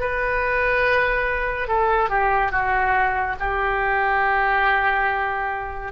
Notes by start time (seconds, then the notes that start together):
0.00 B4
1.68 A4
2.10 G4
2.52 F#4
3.40 G4